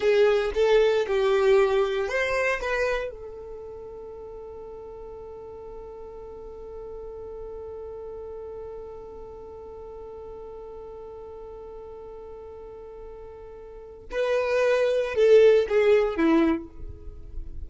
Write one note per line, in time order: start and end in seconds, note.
0.00 0.51 G#4
0.54 1.06 A4
1.07 2.08 G4
2.08 2.60 C5
2.61 3.10 B4
3.10 14.06 A4
14.11 15.14 B4
15.14 15.66 A4
15.68 16.16 G#4
16.16 16.69 E4